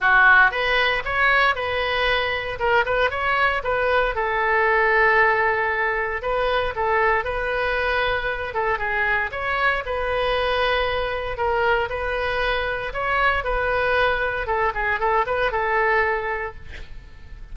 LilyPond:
\new Staff \with { instrumentName = "oboe" } { \time 4/4 \tempo 4 = 116 fis'4 b'4 cis''4 b'4~ | b'4 ais'8 b'8 cis''4 b'4 | a'1 | b'4 a'4 b'2~ |
b'8 a'8 gis'4 cis''4 b'4~ | b'2 ais'4 b'4~ | b'4 cis''4 b'2 | a'8 gis'8 a'8 b'8 a'2 | }